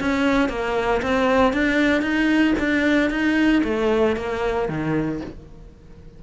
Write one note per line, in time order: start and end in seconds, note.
0.00 0.49 C#4
0.49 1.02 A#3
1.02 1.53 C4
1.53 2.02 D4
2.02 2.54 D#4
2.59 3.10 D4
3.10 3.63 D#4
3.64 4.16 A3
4.16 4.69 A#3
4.69 5.21 D#3